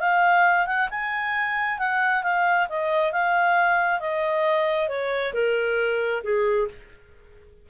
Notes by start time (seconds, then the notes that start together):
0.00 F5
0.67 F#5
0.90 G#5
1.79 F#5
2.23 F5
2.69 D#5
3.13 F5
4.00 D#5
4.89 C#5
5.34 A#4
6.24 G#4